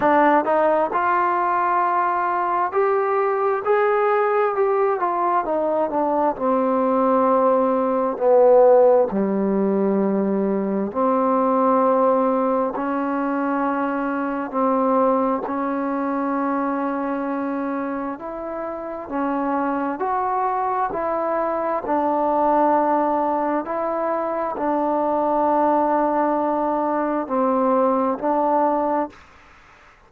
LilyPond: \new Staff \with { instrumentName = "trombone" } { \time 4/4 \tempo 4 = 66 d'8 dis'8 f'2 g'4 | gis'4 g'8 f'8 dis'8 d'8 c'4~ | c'4 b4 g2 | c'2 cis'2 |
c'4 cis'2. | e'4 cis'4 fis'4 e'4 | d'2 e'4 d'4~ | d'2 c'4 d'4 | }